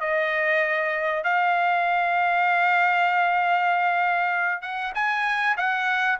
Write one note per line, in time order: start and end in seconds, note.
0.00 1.23 D#5
1.23 4.62 F5
4.62 4.93 F#5
4.94 5.56 G#5
5.57 6.19 F#5